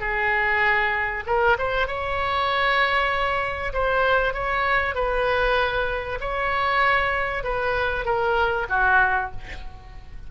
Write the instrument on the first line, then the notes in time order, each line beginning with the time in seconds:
oboe
0.00 G#4
1.26 A#4
1.58 C5
1.87 C#5
3.73 C5
4.33 C#5
4.95 B4
6.20 C#5
7.43 B4
8.05 A#4
8.69 F#4